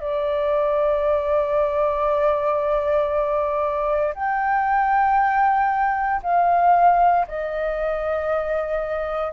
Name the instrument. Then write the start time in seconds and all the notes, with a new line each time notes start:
flute
0.00 D5
4.14 G5
6.23 F5
7.27 D#5